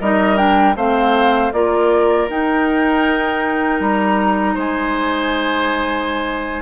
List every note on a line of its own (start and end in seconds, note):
0.00 0.75 G3
0.00 0.36 D#4
0.00 0.76 A#4
0.00 0.37 D#5
0.36 0.74 D4
0.36 0.75 G5
0.75 1.51 A3
0.75 1.53 C4
0.75 1.52 C5
0.75 1.52 F5
1.52 2.29 A#3
1.52 2.28 F4
1.52 4.54 A#4
1.52 2.28 D5
2.28 6.62 D#4
2.28 3.80 D#4
2.28 3.81 G5
3.80 4.56 G3
3.80 4.57 A#5
4.54 6.62 G#3
4.54 6.62 C5
4.54 6.62 G#5